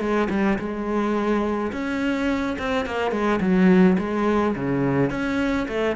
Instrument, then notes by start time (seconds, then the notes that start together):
cello
0.00 G#3
0.30 G3
0.59 G#3
1.72 C#4
2.59 C4
2.86 A#3
3.11 G#3
3.40 F#3
3.98 G#3
4.55 C#3
5.10 C#4
5.68 A3